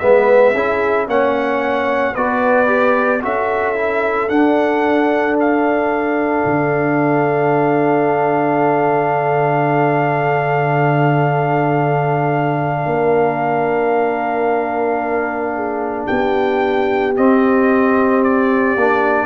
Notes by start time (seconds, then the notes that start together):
0.00 G#3 B3 B4 E5
0.54 C#4 E4 G#4
1.08 A#3 C#4 C#5 F#5
2.14 B3 F#4 B4 D5
2.67 G4
3.22 C#4 F#4 A4 E5
3.76 E4
4.30 D4 F#5
5.40 F5
6.46 D3
12.86 A#3 A#4
15.56 G#4
16.07 B3 G4 G5
17.17 C4 D#5
18.24 D5
18.76 A#3 D4